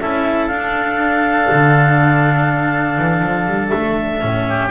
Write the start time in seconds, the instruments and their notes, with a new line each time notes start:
0.00 double bass C#4, cello E4, oboe A4, clarinet E5
0.47 double bass D4, cello D4, clarinet F5
1.51 double bass D3
2.98 double bass E3
3.23 double bass F3
3.47 double bass G3
3.69 double bass A3, clarinet E5
4.20 double bass A2, cello C#4
4.49 oboe G4